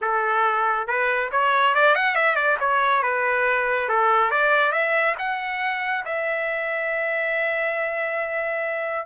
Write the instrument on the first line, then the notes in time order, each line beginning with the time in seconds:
trumpet
0.01 A4
0.87 B4
1.31 C#5
1.74 D5
1.95 F#5
2.15 E5
2.35 D5
2.59 C#5
3.02 B4
3.88 A4
4.30 D5
4.72 E5
5.18 F#5
6.05 E5